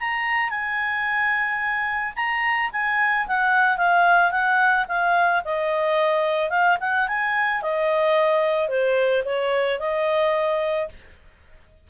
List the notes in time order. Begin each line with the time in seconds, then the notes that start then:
0.00 A#5
0.50 G#5
2.16 A#5
2.72 G#5
3.27 F#5
3.78 F5
4.31 F#5
4.88 F5
5.45 D#5
6.50 F5
6.80 F#5
7.08 G#5
7.62 D#5
8.69 C5
9.25 C#5
9.80 D#5